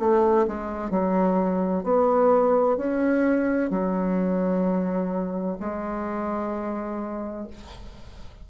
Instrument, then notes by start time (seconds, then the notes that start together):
bassoon
0.00 A3
0.48 G#3
0.91 F#3
1.84 B3
2.77 C#4
3.71 F#3
5.60 G#3